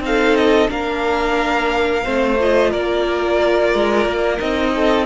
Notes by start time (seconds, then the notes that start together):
0.00 C4 D#4 F5
0.07 A4
0.36 D#5
0.68 A#3 D4 A#4 F5
2.04 A3 C4 C5
2.39 F4 D#5
2.70 A#3 A#4 D5
3.75 G#3
4.05 A#3
4.39 C4 D#4 D#5
4.75 A4